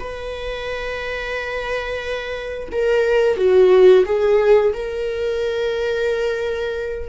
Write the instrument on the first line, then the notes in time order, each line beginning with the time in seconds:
viola
0.00 B4
2.72 A#4
3.37 F#4
4.06 G#4
4.74 A#4